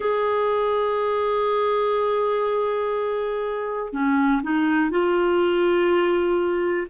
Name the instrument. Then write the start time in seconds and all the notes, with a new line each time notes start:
clarinet
0.00 G#4
3.92 C#4
4.43 D#4
4.90 F4